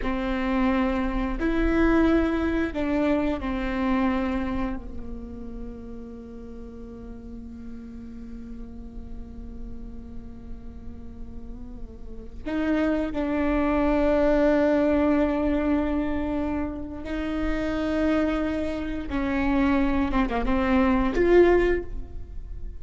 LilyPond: \new Staff \with { instrumentName = "viola" } { \time 4/4 \tempo 4 = 88 c'2 e'2 | d'4 c'2 ais4~ | ais1~ | ais1~ |
ais2~ ais16 dis'4 d'8.~ | d'1~ | d'4 dis'2. | cis'4. c'16 ais16 c'4 f'4 | }